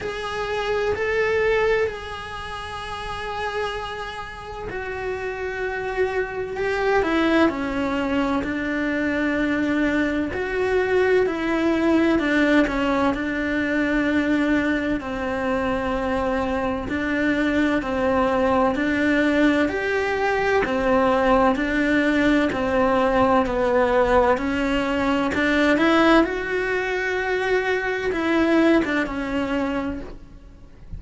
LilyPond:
\new Staff \with { instrumentName = "cello" } { \time 4/4 \tempo 4 = 64 gis'4 a'4 gis'2~ | gis'4 fis'2 g'8 e'8 | cis'4 d'2 fis'4 | e'4 d'8 cis'8 d'2 |
c'2 d'4 c'4 | d'4 g'4 c'4 d'4 | c'4 b4 cis'4 d'8 e'8 | fis'2 e'8. d'16 cis'4 | }